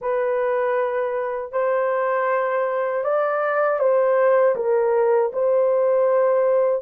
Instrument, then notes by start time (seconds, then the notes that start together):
horn
0.01 B4
1.52 C5
3.03 D5
3.79 C5
4.55 A#4
5.33 C5